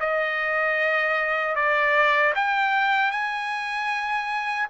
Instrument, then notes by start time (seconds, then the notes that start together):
trumpet
0.00 D#5
1.55 D5
2.35 G5
3.11 G#5